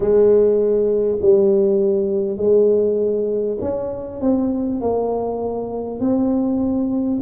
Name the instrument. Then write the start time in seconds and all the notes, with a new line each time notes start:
tuba
0.00 G#3
1.21 G3
2.37 G#3
3.61 C#4
4.20 C4
4.81 A#3
6.00 C4